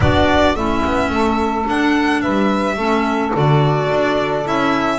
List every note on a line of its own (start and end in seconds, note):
0.00 0.54 B3
0.00 0.56 D4
0.00 0.55 F#4
0.00 0.55 D5
0.55 0.83 A3
0.55 1.64 C#4
0.55 1.11 E4
0.55 1.66 E5
0.86 1.09 B3
1.09 1.64 A3
1.09 2.22 A4
1.64 2.75 D4
1.64 2.25 D4
1.64 2.21 F#5
2.21 2.76 G3
2.21 2.75 B4
2.21 3.32 E5
2.75 3.31 A3
2.75 3.32 C#4
2.75 4.97 A4
3.32 3.90 D3
3.32 4.44 F#4
3.32 4.47 D5
3.90 4.45 D4
4.44 4.98 C#4
4.44 4.98 E4
4.44 4.98 E5